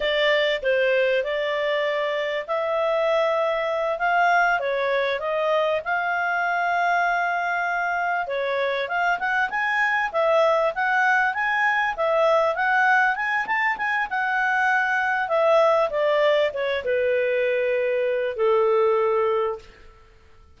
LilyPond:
\new Staff \with { instrumentName = "clarinet" } { \time 4/4 \tempo 4 = 98 d''4 c''4 d''2 | e''2~ e''8 f''4 cis''8~ | cis''8 dis''4 f''2~ f''8~ | f''4. cis''4 f''8 fis''8 gis''8~ |
gis''8 e''4 fis''4 gis''4 e''8~ | e''8 fis''4 gis''8 a''8 gis''8 fis''4~ | fis''4 e''4 d''4 cis''8 b'8~ | b'2 a'2 | }